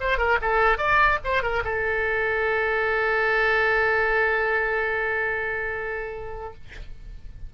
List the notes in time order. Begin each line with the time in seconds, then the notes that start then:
0.00 C5
0.18 A#4
0.41 A4
0.78 D5
1.24 C5
1.42 A#4
1.64 A4